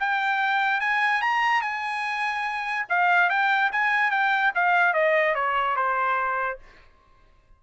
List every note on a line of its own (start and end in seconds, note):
0.00 0.81 G5
0.81 1.22 G#5
1.22 1.62 A#5
1.62 2.86 G#5
2.89 3.30 F5
3.30 3.71 G5
3.72 4.11 G#5
4.11 4.52 G5
4.55 4.94 F5
4.94 5.35 D#5
5.35 5.76 C#5
5.76 6.59 C5